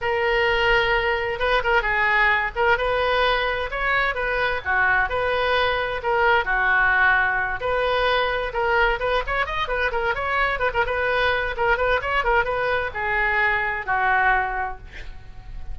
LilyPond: \new Staff \with { instrumentName = "oboe" } { \time 4/4 \tempo 4 = 130 ais'2. b'8 ais'8 | gis'4. ais'8 b'2 | cis''4 b'4 fis'4 b'4~ | b'4 ais'4 fis'2~ |
fis'8 b'2 ais'4 b'8 | cis''8 dis''8 b'8 ais'8 cis''4 b'16 ais'16 b'8~ | b'4 ais'8 b'8 cis''8 ais'8 b'4 | gis'2 fis'2 | }